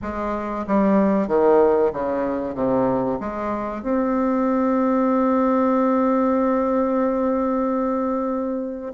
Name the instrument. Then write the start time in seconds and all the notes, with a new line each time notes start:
bassoon
0.01 G#3
0.67 G3
1.27 D#3
1.93 C#3
2.54 C3
3.19 G#3
3.82 C4